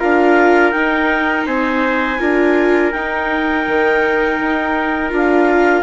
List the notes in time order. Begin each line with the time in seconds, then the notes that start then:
0.00 D4 F4 A#4 F5
0.72 D#4 G5
1.46 C4 C5 G#5
2.19 D4 F4 A#4
2.92 D#4 G5
3.68 D#3
4.41 D#4
5.10 D4 F4
5.16 F5